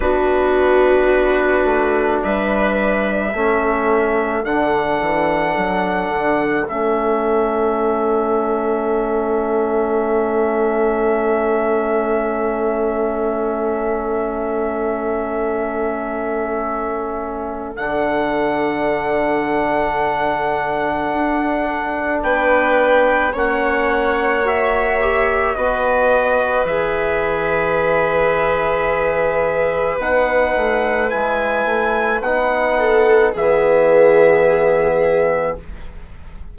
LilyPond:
<<
  \new Staff \with { instrumentName = "trumpet" } { \time 4/4 \tempo 4 = 54 b'2 e''2 | fis''2 e''2~ | e''1~ | e''1 |
fis''1 | g''4 fis''4 e''4 dis''4 | e''2. fis''4 | gis''4 fis''4 e''2 | }
  \new Staff \with { instrumentName = "viola" } { \time 4/4 fis'2 b'4 a'4~ | a'1~ | a'1~ | a'1~ |
a'1 | b'4 cis''2 b'4~ | b'1~ | b'4. a'8 gis'2 | }
  \new Staff \with { instrumentName = "trombone" } { \time 4/4 d'2. cis'4 | d'2 cis'2~ | cis'1~ | cis'1 |
d'1~ | d'4 cis'4 fis'8 g'8 fis'4 | gis'2. dis'4 | e'4 dis'4 b2 | }
  \new Staff \with { instrumentName = "bassoon" } { \time 4/4 b4. a8 g4 a4 | d8 e8 fis8 d8 a2~ | a1~ | a1 |
d2. d'4 | b4 ais2 b4 | e2. b8 a8 | gis8 a8 b4 e2 | }
>>